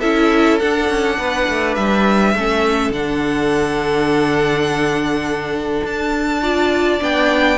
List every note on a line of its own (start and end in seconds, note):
0.00 0.61 C#4
0.00 0.61 E4
0.00 1.17 A4
0.00 0.59 E5
0.60 2.35 D4
0.60 0.89 D4
0.60 1.75 F#5
0.89 1.18 C#4
1.19 1.48 B3
1.19 2.35 B4
1.49 1.77 A3
1.75 2.35 G3
1.75 2.92 E5
2.35 2.90 A3
2.35 2.94 C#4
2.35 6.42 A4
2.90 5.82 D3
2.90 6.43 D4
2.90 5.84 F#5
5.84 7.00 D4
5.84 7.03 A5
6.42 7.00 F4
6.42 7.58 D5
7.00 7.58 B3
7.00 7.58 D4
7.00 7.58 G5